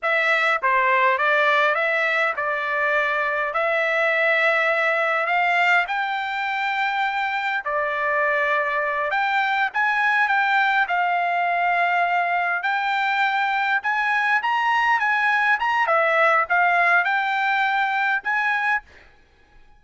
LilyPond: \new Staff \with { instrumentName = "trumpet" } { \time 4/4 \tempo 4 = 102 e''4 c''4 d''4 e''4 | d''2 e''2~ | e''4 f''4 g''2~ | g''4 d''2~ d''8 g''8~ |
g''8 gis''4 g''4 f''4.~ | f''4. g''2 gis''8~ | gis''8 ais''4 gis''4 ais''8 e''4 | f''4 g''2 gis''4 | }